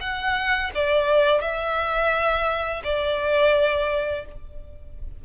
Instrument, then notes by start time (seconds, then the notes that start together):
violin
0.00 F#5
0.74 D5
1.41 E5
2.84 D5